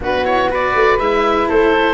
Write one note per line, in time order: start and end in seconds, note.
0.00 0.74 B3
0.00 0.22 D4
0.00 0.50 F#4
0.00 0.25 B4
0.23 0.48 E4
0.23 0.49 C#5
0.49 0.98 F#4
0.49 1.48 B4
0.49 0.98 D5
0.75 0.98 A3
0.98 1.47 G#3
0.98 1.94 E4
0.98 1.47 E5
1.48 1.94 A3
1.48 1.94 A4
1.48 1.94 C5